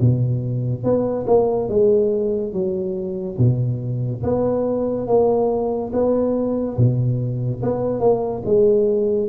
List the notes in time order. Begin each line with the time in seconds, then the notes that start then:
0.00 B2
0.83 B3
1.26 A#3
1.69 G#3
2.52 F#3
3.38 B2
4.23 B3
5.07 A#3
5.92 B3
6.77 B2
7.62 B3
8.00 A#3
8.45 G#3